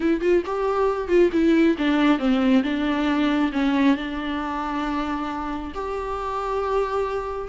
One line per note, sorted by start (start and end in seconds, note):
0.00 0.20 E4
0.20 0.42 F4
0.45 1.08 G4
1.08 1.30 F4
1.32 1.76 E4
1.78 2.18 D4
2.18 2.62 C4
2.63 3.51 D4
3.52 3.96 C#4
3.96 5.72 D4
5.74 7.48 G4